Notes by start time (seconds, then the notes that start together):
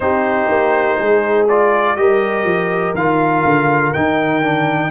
0.00 C4 D#4 G4 C5
0.48 A#3
0.98 G#3 G#4
1.48 F4 D5
1.95 G3 G4 A#4 D#5
2.44 F3
2.94 D#3 F4 F5
3.44 D3
3.93 D#3 D#4 G5
4.42 D4